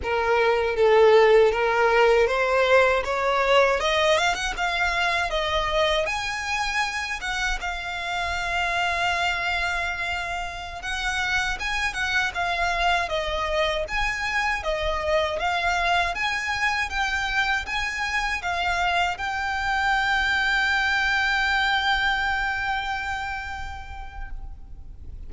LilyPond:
\new Staff \with { instrumentName = "violin" } { \time 4/4 \tempo 4 = 79 ais'4 a'4 ais'4 c''4 | cis''4 dis''8 f''16 fis''16 f''4 dis''4 | gis''4. fis''8 f''2~ | f''2~ f''16 fis''4 gis''8 fis''16~ |
fis''16 f''4 dis''4 gis''4 dis''8.~ | dis''16 f''4 gis''4 g''4 gis''8.~ | gis''16 f''4 g''2~ g''8.~ | g''1 | }